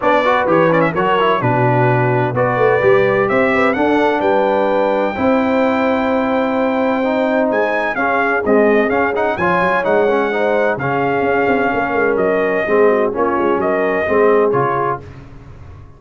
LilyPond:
<<
  \new Staff \with { instrumentName = "trumpet" } { \time 4/4 \tempo 4 = 128 d''4 cis''8 d''16 e''16 cis''4 b'4~ | b'4 d''2 e''4 | fis''4 g''2.~ | g''1 |
gis''4 f''4 dis''4 f''8 fis''8 | gis''4 fis''2 f''4~ | f''2 dis''2 | cis''4 dis''2 cis''4 | }
  \new Staff \with { instrumentName = "horn" } { \time 4/4 cis''8 b'4. ais'4 fis'4~ | fis'4 b'2 c''8 b'8 | a'4 b'2 c''4~ | c''1~ |
c''4 gis'2. | cis''2 c''4 gis'4~ | gis'4 ais'2 gis'8 fis'8 | f'4 ais'4 gis'2 | }
  \new Staff \with { instrumentName = "trombone" } { \time 4/4 d'8 fis'8 g'8 cis'8 fis'8 e'8 d'4~ | d'4 fis'4 g'2 | d'2. e'4~ | e'2. dis'4~ |
dis'4 cis'4 gis4 cis'8 dis'8 | f'4 dis'8 cis'8 dis'4 cis'4~ | cis'2. c'4 | cis'2 c'4 f'4 | }
  \new Staff \with { instrumentName = "tuba" } { \time 4/4 b4 e4 fis4 b,4~ | b,4 b8 a8 g4 c'4 | d'4 g2 c'4~ | c'1 |
gis4 cis'4 c'4 cis'4 | f8 fis8 gis2 cis4 | cis'8 c'8 ais8 gis8 fis4 gis4 | ais8 gis8 fis4 gis4 cis4 | }
>>